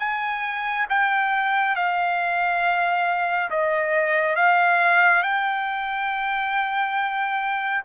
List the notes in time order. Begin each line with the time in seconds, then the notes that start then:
0.00 G#5
0.90 G5
1.76 F5
3.51 D#5
4.36 F5
5.23 G5